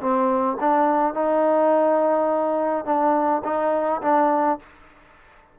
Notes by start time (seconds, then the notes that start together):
0.00 C4
0.60 D4
1.14 D#4
2.85 D4
3.44 D#4
4.01 D4